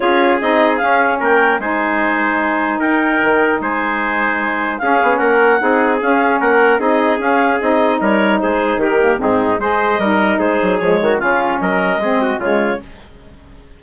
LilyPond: <<
  \new Staff \with { instrumentName = "clarinet" } { \time 4/4 \tempo 4 = 150 cis''4 dis''4 f''4 g''4 | gis''2. g''4~ | g''4 gis''2. | f''4 fis''2 f''4 |
fis''4 dis''4 f''4 dis''4 | cis''4 c''4 ais'4 gis'4 | dis''2 c''4 cis''4 | f''4 dis''2 cis''4 | }
  \new Staff \with { instrumentName = "trumpet" } { \time 4/4 gis'2. ais'4 | c''2. ais'4~ | ais'4 c''2. | gis'4 ais'4 gis'2 |
ais'4 gis'2. | ais'4 gis'4 g'4 dis'4 | c''4 ais'4 gis'4. fis'8 | f'4 ais'4 gis'8 fis'8 f'4 | }
  \new Staff \with { instrumentName = "saxophone" } { \time 4/4 f'4 dis'4 cis'2 | dis'1~ | dis'1 | cis'2 dis'4 cis'4~ |
cis'4 dis'4 cis'4 dis'4~ | dis'2~ dis'8 ais8 c'4 | gis'4 dis'2 gis4 | cis'2 c'4 gis4 | }
  \new Staff \with { instrumentName = "bassoon" } { \time 4/4 cis'4 c'4 cis'4 ais4 | gis2. dis'4 | dis4 gis2. | cis'8 b8 ais4 c'4 cis'4 |
ais4 c'4 cis'4 c'4 | g4 gis4 dis4 gis,4 | gis4 g4 gis8 fis8 f8 dis8 | cis4 fis4 gis4 cis4 | }
>>